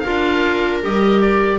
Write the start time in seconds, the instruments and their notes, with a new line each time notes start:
0.00 clarinet F4, viola A#4, oboe F5
0.06 double bass D4
0.82 double bass G3, clarinet G4, oboe D#5
1.21 oboe D5